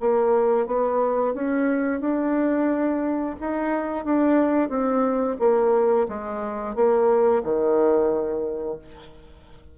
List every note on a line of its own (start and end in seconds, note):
0.00 0.66 A#3
0.66 1.34 B3
1.34 2.00 C#4
2.00 3.35 D4
3.40 4.04 D#4
4.04 4.69 D4
4.69 5.37 C4
5.39 6.07 A#3
6.08 6.75 G#3
6.75 7.42 A#3
7.43 8.78 D#3